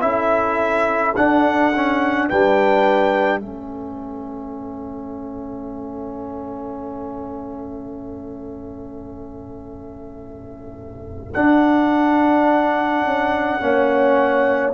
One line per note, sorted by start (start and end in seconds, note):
0.00 1.15 C#4
0.00 1.14 E4
0.00 2.28 A4
0.00 1.13 E5
1.15 1.73 D4
1.15 2.30 D4
1.15 2.29 F#5
1.75 2.30 C#4
2.28 3.42 G3
2.28 3.40 D4
2.28 3.39 B4
2.28 3.39 G5
3.39 11.34 A3
3.39 11.32 C#4
3.39 13.58 A4
3.39 11.32 E5
11.33 13.60 D4
11.33 13.04 D4
11.33 14.73 F#5
13.04 13.61 C#4
13.60 14.73 A#3
13.60 14.73 C#4
13.60 14.73 C#5